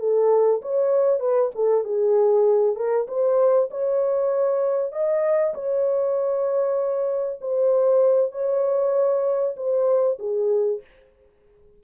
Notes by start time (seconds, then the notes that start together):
0.00 A4
0.62 C#5
1.20 B4
1.55 A4
1.84 G#4
2.76 A#4
3.08 C5
3.71 C#5
4.92 D#5
5.54 C#5
7.41 C5
8.32 C#5
9.57 C5
10.19 G#4